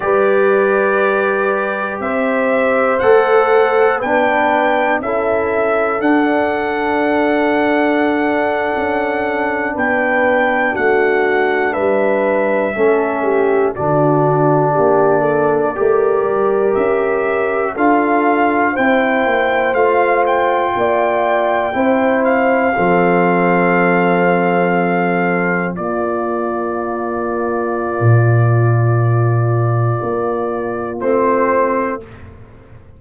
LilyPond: <<
  \new Staff \with { instrumentName = "trumpet" } { \time 4/4 \tempo 4 = 60 d''2 e''4 fis''4 | g''4 e''4 fis''2~ | fis''4.~ fis''16 g''4 fis''4 e''16~ | e''4.~ e''16 d''2~ d''16~ |
d''8. e''4 f''4 g''4 f''16~ | f''16 g''2 f''4.~ f''16~ | f''4.~ f''16 d''2~ d''16~ | d''2. c''4 | }
  \new Staff \with { instrumentName = "horn" } { \time 4/4 b'2 c''2 | b'4 a'2.~ | a'4.~ a'16 b'4 fis'4 b'16~ | b'8. a'8 g'8 fis'4 g'8 a'8 ais'16~ |
ais'4.~ ais'16 a'4 c''4~ c''16~ | c''8. d''4 c''4 a'4~ a'16~ | a'4.~ a'16 f'2~ f'16~ | f'1 | }
  \new Staff \with { instrumentName = "trombone" } { \time 4/4 g'2. a'4 | d'4 e'4 d'2~ | d'1~ | d'8. cis'4 d'2 g'16~ |
g'4.~ g'16 f'4 e'4 f'16~ | f'4.~ f'16 e'4 c'4~ c'16~ | c'4.~ c'16 ais2~ ais16~ | ais2. c'4 | }
  \new Staff \with { instrumentName = "tuba" } { \time 4/4 g2 c'4 a4 | b4 cis'4 d'2~ | d'8. cis'4 b4 a4 g16~ | g8. a4 d4 ais4 a16~ |
a16 g8 cis'4 d'4 c'8 ais8 a16~ | a8. ais4 c'4 f4~ f16~ | f4.~ f16 ais2~ ais16 | ais,2 ais4 a4 | }
>>